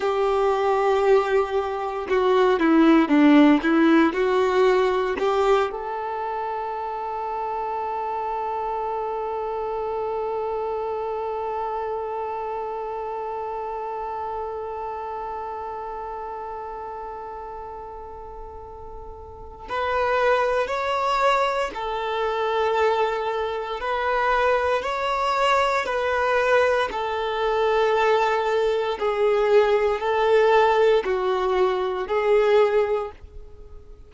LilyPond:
\new Staff \with { instrumentName = "violin" } { \time 4/4 \tempo 4 = 58 g'2 fis'8 e'8 d'8 e'8 | fis'4 g'8 a'2~ a'8~ | a'1~ | a'1~ |
a'2. b'4 | cis''4 a'2 b'4 | cis''4 b'4 a'2 | gis'4 a'4 fis'4 gis'4 | }